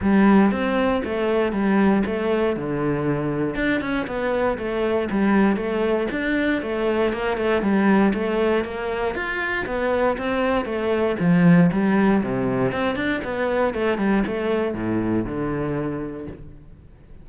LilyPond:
\new Staff \with { instrumentName = "cello" } { \time 4/4 \tempo 4 = 118 g4 c'4 a4 g4 | a4 d2 d'8 cis'8 | b4 a4 g4 a4 | d'4 a4 ais8 a8 g4 |
a4 ais4 f'4 b4 | c'4 a4 f4 g4 | c4 c'8 d'8 b4 a8 g8 | a4 a,4 d2 | }